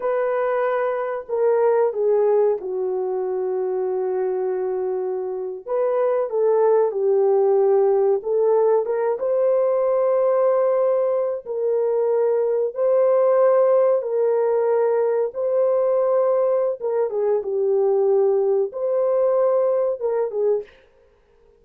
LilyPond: \new Staff \with { instrumentName = "horn" } { \time 4/4 \tempo 4 = 93 b'2 ais'4 gis'4 | fis'1~ | fis'8. b'4 a'4 g'4~ g'16~ | g'8. a'4 ais'8 c''4.~ c''16~ |
c''4.~ c''16 ais'2 c''16~ | c''4.~ c''16 ais'2 c''16~ | c''2 ais'8 gis'8 g'4~ | g'4 c''2 ais'8 gis'8 | }